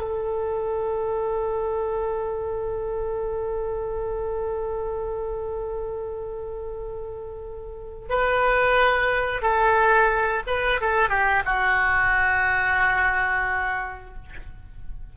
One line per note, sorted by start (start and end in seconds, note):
0.00 8.09 A4
8.10 9.42 B4
9.42 10.43 A4
10.47 10.81 B4
10.81 11.10 A4
11.10 11.43 G4
11.45 14.15 F#4